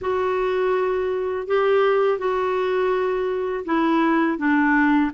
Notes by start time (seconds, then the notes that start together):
0.01 F#4
1.47 G4
2.18 F#4
3.65 E4
4.38 D4